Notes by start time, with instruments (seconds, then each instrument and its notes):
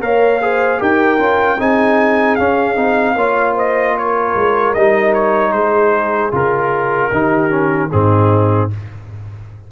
0.00 tuba A#3, trombone A#4, horn C#5, trumpet F5
0.41 trombone G#4, horn C5
0.78 tuba D#4, trombone G4, horn A#4, trumpet G5
1.18 tuba C#4, trombone F4
1.58 tuba C4, trombone D#4, horn G#4, trumpet G#5
2.35 trombone C#4, tuba C#4, trumpet F5
2.76 tuba C4, trombone D#4
3.15 tuba A#3, trombone F4, horn C#5
3.54 horn C5, trumpet D#5
3.95 horn A#4, trumpet C#5
4.35 tuba G#3
4.73 tuba G3, trombone D#4, trumpet D#5
5.14 trumpet C#5
5.52 tuba G#3, horn G#4, trumpet C5
6.31 tuba C#3, trombone F4, trumpet A#4
7.12 tuba D#3, trombone D#4, horn G4
7.49 trombone C#4
7.90 tuba G#2, trombone C4, horn D#4, trumpet G#4